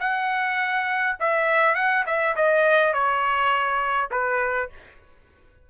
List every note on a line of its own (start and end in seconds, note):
0.00 1.17 F#5
1.20 1.75 E5
1.75 2.04 F#5
2.06 2.35 E5
2.36 2.94 D#5
2.94 4.10 C#5
4.11 4.69 B4